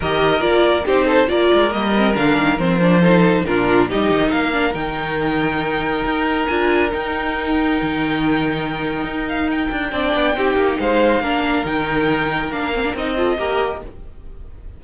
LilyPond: <<
  \new Staff \with { instrumentName = "violin" } { \time 4/4 \tempo 4 = 139 dis''4 d''4 c''4 d''4 | dis''4 f''4 c''2 | ais'4 dis''4 f''4 g''4~ | g''2. gis''4 |
g''1~ | g''4. f''8 g''2~ | g''4 f''2 g''4~ | g''4 f''4 dis''2 | }
  \new Staff \with { instrumentName = "violin" } { \time 4/4 ais'2 g'8 a'8 ais'4~ | ais'2. a'4 | f'4 g'4 ais'2~ | ais'1~ |
ais'1~ | ais'2. d''4 | g'4 c''4 ais'2~ | ais'2~ ais'8 a'8 ais'4 | }
  \new Staff \with { instrumentName = "viola" } { \time 4/4 g'4 f'4 dis'4 f'4 | ais8 c'8 d'4 c'8 d'8 dis'4 | d'4 dis'4. d'8 dis'4~ | dis'2. f'4 |
dis'1~ | dis'2. d'4 | dis'2 d'4 dis'4~ | dis'4 d'8 c'16 d'16 dis'8 f'8 g'4 | }
  \new Staff \with { instrumentName = "cello" } { \time 4/4 dis4 ais4 c'4 ais8 gis8 | g4 d8 dis8 f2 | ais,4 g8 dis8 ais4 dis4~ | dis2 dis'4 d'4 |
dis'2 dis2~ | dis4 dis'4. d'8 c'8 b8 | c'8 ais8 gis4 ais4 dis4~ | dis4 ais4 c'4 ais4 | }
>>